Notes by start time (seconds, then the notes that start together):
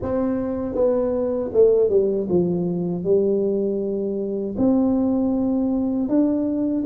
0.02 C4
0.74 B3
1.53 A3
1.90 G3
2.29 F3
3.03 G3
4.57 C4
6.08 D4